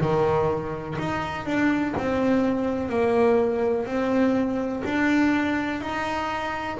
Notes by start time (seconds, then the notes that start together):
0.00 D#3
0.99 D#4
1.45 D4
1.97 C4
2.89 A#3
3.86 C4
4.84 D4
5.80 D#4